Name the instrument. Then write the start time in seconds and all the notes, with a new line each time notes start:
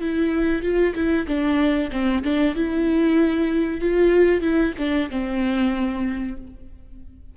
viola
0.00 E4
0.62 F4
0.94 E4
1.27 D4
1.91 C4
2.23 D4
2.55 E4
3.80 F4
4.41 E4
4.77 D4
5.10 C4